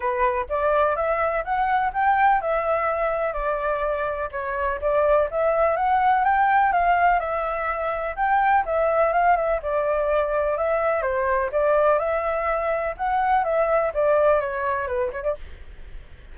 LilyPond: \new Staff \with { instrumentName = "flute" } { \time 4/4 \tempo 4 = 125 b'4 d''4 e''4 fis''4 | g''4 e''2 d''4~ | d''4 cis''4 d''4 e''4 | fis''4 g''4 f''4 e''4~ |
e''4 g''4 e''4 f''8 e''8 | d''2 e''4 c''4 | d''4 e''2 fis''4 | e''4 d''4 cis''4 b'8 cis''16 d''16 | }